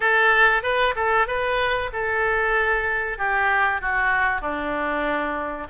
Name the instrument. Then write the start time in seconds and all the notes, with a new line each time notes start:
oboe
0.00 A4
0.63 B4
0.95 A4
1.27 B4
1.92 A4
3.18 G4
3.81 F#4
4.41 D4